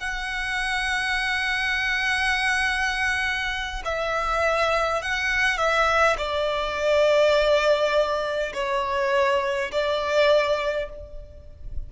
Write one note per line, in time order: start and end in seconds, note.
0.00 3.82 F#5
3.84 5.02 E5
5.02 5.57 F#5
5.57 6.16 E5
6.17 8.52 D5
8.53 9.71 C#5
9.71 10.89 D5